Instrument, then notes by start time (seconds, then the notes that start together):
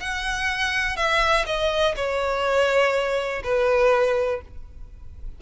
violin
0.00 F#5
0.96 E5
1.46 D#5
1.96 C#5
3.43 B4